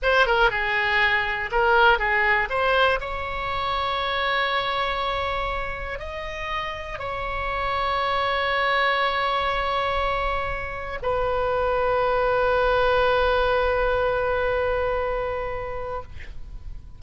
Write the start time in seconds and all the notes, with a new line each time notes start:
0.02 C5
0.26 A#4
0.50 G#4
1.51 A#4
1.99 G#4
2.49 C5
3.00 C#5
5.99 D#5
6.99 C#5
11.02 B4